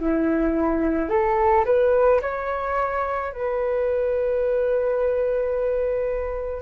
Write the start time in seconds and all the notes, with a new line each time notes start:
0.00 E4
1.09 A4
1.65 B4
2.21 C#5
3.32 B4